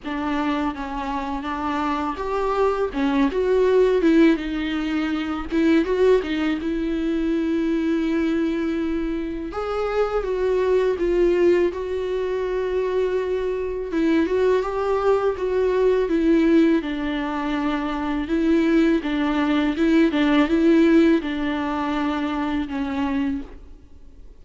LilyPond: \new Staff \with { instrumentName = "viola" } { \time 4/4 \tempo 4 = 82 d'4 cis'4 d'4 g'4 | cis'8 fis'4 e'8 dis'4. e'8 | fis'8 dis'8 e'2.~ | e'4 gis'4 fis'4 f'4 |
fis'2. e'8 fis'8 | g'4 fis'4 e'4 d'4~ | d'4 e'4 d'4 e'8 d'8 | e'4 d'2 cis'4 | }